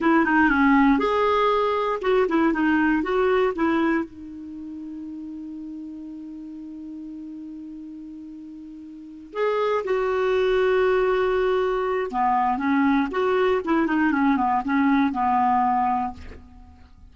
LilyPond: \new Staff \with { instrumentName = "clarinet" } { \time 4/4 \tempo 4 = 119 e'8 dis'8 cis'4 gis'2 | fis'8 e'8 dis'4 fis'4 e'4 | dis'1~ | dis'1~ |
dis'2~ dis'8 gis'4 fis'8~ | fis'1 | b4 cis'4 fis'4 e'8 dis'8 | cis'8 b8 cis'4 b2 | }